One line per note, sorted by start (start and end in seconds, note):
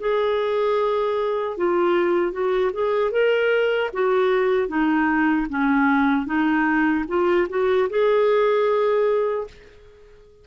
0.00 1.58 G#4
1.58 2.33 F4
2.33 2.72 F#4
2.73 3.12 G#4
3.12 3.91 A#4
3.94 4.68 F#4
4.68 5.47 D#4
5.50 6.27 C#4
6.27 7.06 D#4
7.08 7.48 F4
7.50 7.89 F#4
7.90 9.48 G#4